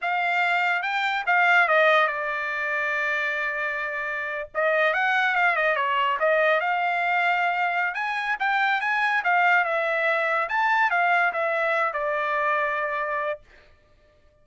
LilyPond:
\new Staff \with { instrumentName = "trumpet" } { \time 4/4 \tempo 4 = 143 f''2 g''4 f''4 | dis''4 d''2.~ | d''2~ d''8. dis''4 fis''16~ | fis''8. f''8 dis''8 cis''4 dis''4 f''16~ |
f''2. gis''4 | g''4 gis''4 f''4 e''4~ | e''4 a''4 f''4 e''4~ | e''8 d''2.~ d''8 | }